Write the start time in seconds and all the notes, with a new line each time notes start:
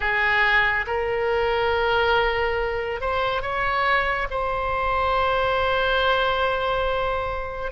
0.00 G#4
0.86 A#4
3.00 C5
3.42 C#5
4.30 C5